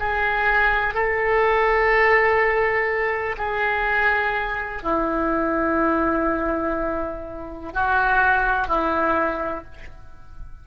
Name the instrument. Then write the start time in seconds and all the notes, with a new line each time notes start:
oboe
0.00 G#4
0.95 A4
3.38 G#4
4.83 E4
7.74 F#4
8.68 E4